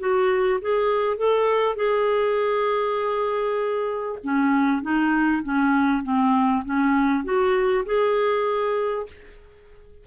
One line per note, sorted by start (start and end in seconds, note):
0.00 0.61 F#4
0.61 1.17 G#4
1.17 1.76 A4
1.76 4.19 G#4
4.24 4.83 C#4
4.83 5.43 D#4
5.43 6.03 C#4
6.03 6.64 C4
6.65 7.25 C#4
7.25 7.85 F#4
7.86 9.07 G#4